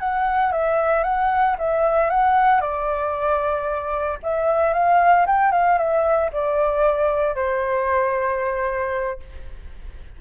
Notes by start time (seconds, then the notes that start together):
0.00 F#5
0.52 E5
1.04 F#5
1.59 E5
2.10 F#5
2.61 D5
4.23 E5
4.73 F5
5.27 G5
5.52 F5
5.78 E5
6.33 D5
7.35 C5